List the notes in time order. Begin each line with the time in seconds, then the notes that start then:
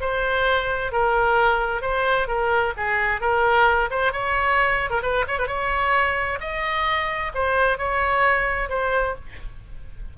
0.00 C5
0.91 A#4
1.81 C5
2.27 A#4
2.76 G#4
3.20 A#4
3.90 C5
4.12 C#5
4.90 A#4
5.02 B4
5.27 C#5
5.38 B4
5.47 C#5
6.40 D#5
7.34 C5
7.78 C#5
8.69 C5